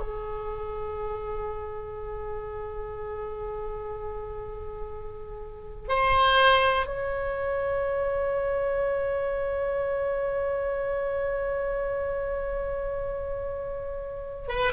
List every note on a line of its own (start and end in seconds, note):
0.00 5.89 G#4
5.89 6.87 C5
6.87 14.49 C#5
14.49 14.73 B4